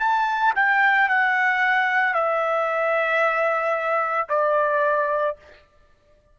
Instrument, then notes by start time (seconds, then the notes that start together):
trumpet
0.00 A5
0.56 G5
1.09 F#5
2.14 E5
4.29 D5